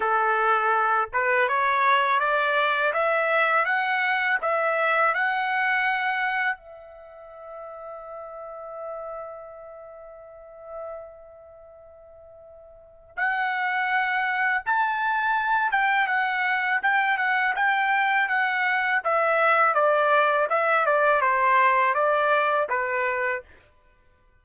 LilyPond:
\new Staff \with { instrumentName = "trumpet" } { \time 4/4 \tempo 4 = 82 a'4. b'8 cis''4 d''4 | e''4 fis''4 e''4 fis''4~ | fis''4 e''2.~ | e''1~ |
e''2 fis''2 | a''4. g''8 fis''4 g''8 fis''8 | g''4 fis''4 e''4 d''4 | e''8 d''8 c''4 d''4 b'4 | }